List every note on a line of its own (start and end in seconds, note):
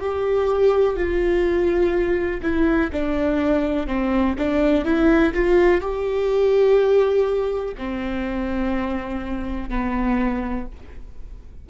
0.00 0.96 G4
0.96 2.41 F4
2.42 2.91 E4
2.93 3.87 D4
3.87 4.35 C4
4.39 4.85 D4
4.85 5.33 E4
5.34 5.81 F4
5.81 7.75 G4
7.78 9.70 C4
9.70 10.66 B3